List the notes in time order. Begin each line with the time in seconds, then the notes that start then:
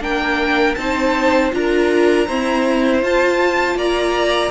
0.00 A#3 D4 A#4 G5
0.75 C4 D#4 C5 A5
1.51 D4 F4 A#4 A#5
2.27 C4 E4 C5
3.01 F4 A5
3.75 A#3 D5 A#5